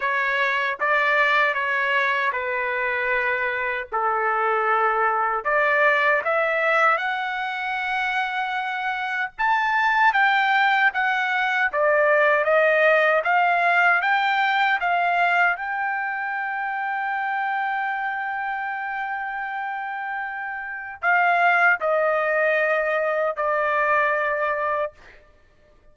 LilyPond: \new Staff \with { instrumentName = "trumpet" } { \time 4/4 \tempo 4 = 77 cis''4 d''4 cis''4 b'4~ | b'4 a'2 d''4 | e''4 fis''2. | a''4 g''4 fis''4 d''4 |
dis''4 f''4 g''4 f''4 | g''1~ | g''2. f''4 | dis''2 d''2 | }